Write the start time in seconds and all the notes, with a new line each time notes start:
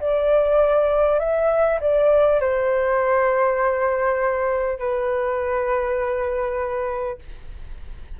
0.00 D5
1.19 E5
1.80 D5
2.40 C5
4.78 B4